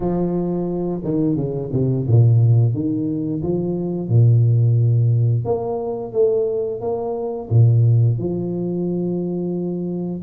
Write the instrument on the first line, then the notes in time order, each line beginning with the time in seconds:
tuba
0.00 F3
1.04 D#3
1.35 C#3
1.72 C3
2.07 A#2
2.74 D#3
3.42 F3
4.08 A#2
5.44 A#3
6.12 A3
6.81 A#3
7.49 A#2
8.18 F3